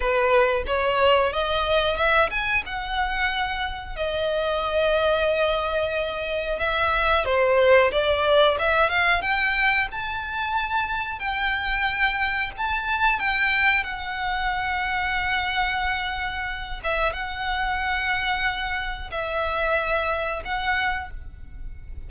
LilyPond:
\new Staff \with { instrumentName = "violin" } { \time 4/4 \tempo 4 = 91 b'4 cis''4 dis''4 e''8 gis''8 | fis''2 dis''2~ | dis''2 e''4 c''4 | d''4 e''8 f''8 g''4 a''4~ |
a''4 g''2 a''4 | g''4 fis''2.~ | fis''4. e''8 fis''2~ | fis''4 e''2 fis''4 | }